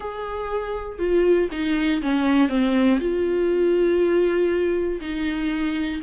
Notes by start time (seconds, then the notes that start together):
0.00 G#4
0.98 F4
1.51 D#4
2.02 C#4
2.48 C4
3.00 F4
5.00 D#4